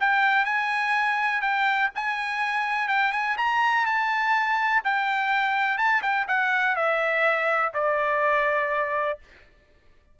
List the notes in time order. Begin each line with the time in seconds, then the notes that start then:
0.00 G5
0.45 G#5
1.41 G5
1.95 G#5
2.88 G5
3.12 G#5
3.37 A#5
3.86 A5
4.84 G5
5.78 A5
6.02 G5
6.28 F#5
6.76 E5
7.74 D5